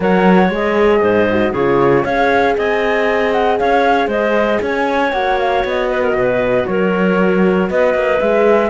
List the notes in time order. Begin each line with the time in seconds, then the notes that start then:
0.00 F#3 A#4 C#5 F#5
0.49 G#3 G#4 D#5
1.01 G#2 C5
1.31 F#4
1.51 C#3 F4 G#4 C#5
2.03 C#4 G#4 C#5 F5
2.56 C4 D#5 G#5
3.31 F#5
3.58 C#4 C#5 F5
4.07 G#3 C5 D#5
4.62 C#4 C#5 G#5
5.12 A#3 F#4 F#5
5.39 F5
5.64 B3 D#5
5.89 B4
6.02 A#4
6.12 B2 B4
6.66 F#3 A#4 C#5
7.69 B3 B4 D#5
7.94 A#3
8.20 G#3 G#4 E5